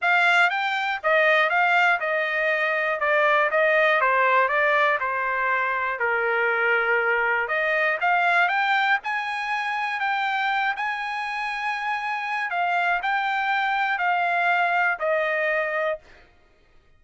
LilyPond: \new Staff \with { instrumentName = "trumpet" } { \time 4/4 \tempo 4 = 120 f''4 g''4 dis''4 f''4 | dis''2 d''4 dis''4 | c''4 d''4 c''2 | ais'2. dis''4 |
f''4 g''4 gis''2 | g''4. gis''2~ gis''8~ | gis''4 f''4 g''2 | f''2 dis''2 | }